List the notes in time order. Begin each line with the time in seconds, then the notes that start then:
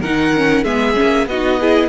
0.00 D#3 D#4 A#4 F#5
0.36 C#4
0.64 G#3 B3 G#4 E5
0.94 C#4
1.02 A#3
1.26 B3 D#4 F#4 D#5
1.60 E4 G#4